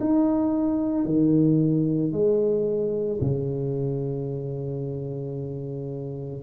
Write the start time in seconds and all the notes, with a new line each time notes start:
0.00 D#4
1.06 D#3
2.12 G#3
3.21 C#3